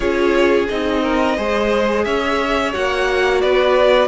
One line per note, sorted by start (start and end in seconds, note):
0.00 0.68 C#4
0.00 0.68 F4
0.00 1.02 G#4
0.00 0.66 C#5
0.68 1.38 C4
0.68 1.37 D#4
0.68 2.04 D#5
1.02 1.36 A#4
1.37 2.05 G#3
1.37 2.73 G#4
1.37 2.05 C5
2.04 2.74 C#4
2.04 3.41 C#5
2.04 2.72 E5
2.73 3.43 A#3
2.73 4.08 F#4
2.73 3.41 F#5
3.41 4.08 B3
3.41 4.08 B4
3.41 4.08 D5